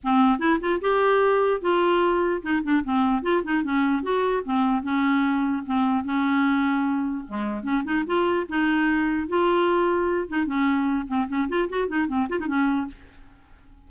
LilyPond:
\new Staff \with { instrumentName = "clarinet" } { \time 4/4 \tempo 4 = 149 c'4 e'8 f'8 g'2 | f'2 dis'8 d'8 c'4 | f'8 dis'8 cis'4 fis'4 c'4 | cis'2 c'4 cis'4~ |
cis'2 gis4 cis'8 dis'8 | f'4 dis'2 f'4~ | f'4. dis'8 cis'4. c'8 | cis'8 f'8 fis'8 dis'8 c'8 f'16 dis'16 cis'4 | }